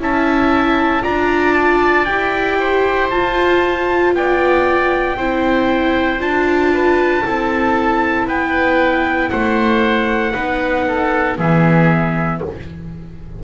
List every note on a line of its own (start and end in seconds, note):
0.00 1.04 C#4
0.00 1.03 E4
0.00 1.03 E5
0.00 1.04 A5
1.03 2.08 D4
1.03 2.06 F4
1.03 2.58 D5
1.03 1.54 A#5
1.54 2.05 A5
2.05 3.11 E4
2.05 3.11 G4
2.05 3.08 G5
2.59 4.14 C5
3.10 5.18 F4
3.10 4.14 F4
3.10 4.14 A5
4.14 5.17 B3
4.14 5.17 D5
4.14 6.21 G5
5.17 6.20 C4
5.17 6.20 E4
5.17 6.72 C5
6.20 7.23 D4
6.20 7.23 F4
6.20 8.28 A5
6.73 7.25 B4
7.25 8.28 C4
7.25 10.35 E4
7.25 8.27 A4
8.27 9.31 B3
8.27 9.30 B4
8.27 9.30 G5
9.30 10.35 A3
9.30 10.33 C5
9.30 11.37 F#5
10.33 11.38 B3
10.33 11.38 D#4
10.33 10.85 B4
10.88 11.38 A4
11.38 12.42 E3
11.38 12.44 B3
11.38 12.41 G#4
11.38 12.42 E5